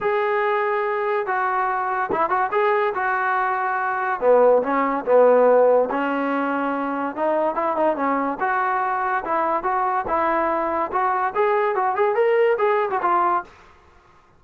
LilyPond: \new Staff \with { instrumentName = "trombone" } { \time 4/4 \tempo 4 = 143 gis'2. fis'4~ | fis'4 e'8 fis'8 gis'4 fis'4~ | fis'2 b4 cis'4 | b2 cis'2~ |
cis'4 dis'4 e'8 dis'8 cis'4 | fis'2 e'4 fis'4 | e'2 fis'4 gis'4 | fis'8 gis'8 ais'4 gis'8. fis'16 f'4 | }